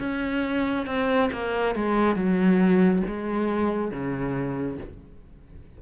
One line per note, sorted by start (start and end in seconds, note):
0.00 0.87 C#4
0.87 1.30 C4
1.33 1.76 A#3
1.76 2.16 G#3
2.16 3.03 F#3
3.08 3.92 G#3
3.92 4.79 C#3